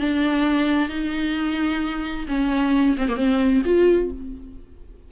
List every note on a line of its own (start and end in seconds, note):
0.00 0.89 D4
0.89 2.27 D#4
2.28 2.97 C#4
2.98 3.09 C4
3.09 3.17 A#3
3.17 3.62 C4
3.66 4.11 F4